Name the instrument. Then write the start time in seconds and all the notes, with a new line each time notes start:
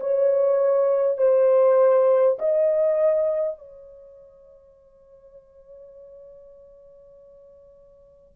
horn
0.00 C#5
1.17 C5
2.38 D#5
3.58 C#5